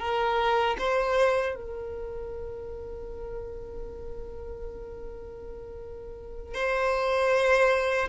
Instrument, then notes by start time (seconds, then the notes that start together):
violin
0.00 A#4
0.79 C5
1.56 A#4
6.55 C5